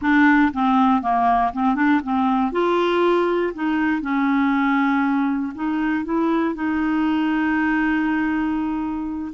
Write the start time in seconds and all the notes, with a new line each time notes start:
0.01 D4
0.53 C4
1.02 A#3
1.53 C4
1.75 D4
2.03 C4
2.52 F4
3.54 D#4
4.01 C#4
5.54 D#4
6.04 E4
6.55 D#4